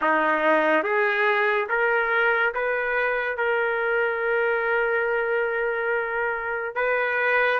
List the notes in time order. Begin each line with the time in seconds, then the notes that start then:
0.01 D#4
0.83 G#4
1.69 A#4
2.54 B4
3.37 A#4
6.75 B4